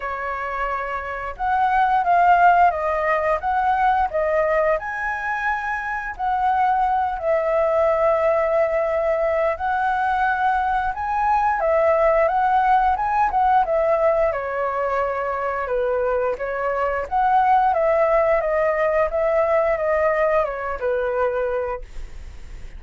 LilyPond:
\new Staff \with { instrumentName = "flute" } { \time 4/4 \tempo 4 = 88 cis''2 fis''4 f''4 | dis''4 fis''4 dis''4 gis''4~ | gis''4 fis''4. e''4.~ | e''2 fis''2 |
gis''4 e''4 fis''4 gis''8 fis''8 | e''4 cis''2 b'4 | cis''4 fis''4 e''4 dis''4 | e''4 dis''4 cis''8 b'4. | }